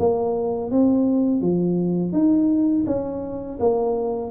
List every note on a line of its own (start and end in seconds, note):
0.00 0.71 A#3
0.71 1.42 C4
1.42 2.13 F3
2.13 2.85 D#4
2.87 3.59 C#4
3.60 4.32 A#3